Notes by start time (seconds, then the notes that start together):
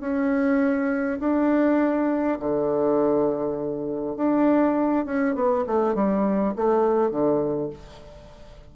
0.00 C#4
1.20 D4
2.39 D3
4.16 D4
5.05 C#4
5.35 B3
5.67 A3
5.95 G3
6.56 A3
7.10 D3